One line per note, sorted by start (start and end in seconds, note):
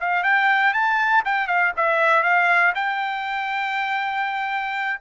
0.00 0.23 F5
0.23 0.73 G5
0.73 1.23 A5
1.25 1.47 G5
1.47 1.72 F5
1.76 2.23 E5
2.23 2.73 F5
2.75 5.00 G5